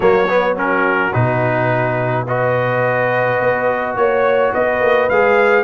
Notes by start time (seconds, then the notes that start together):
0.00 F#3 A#3 F#4 C#5
0.28 B3
0.56 C#4 A#4
1.13 B2 D#4 B4
2.26 F#4 B4 D#5
3.40 B3
3.95 A#3 C#5
4.52 B3 B4 D#5
4.80 A#3
5.09 G#3 G#4 F5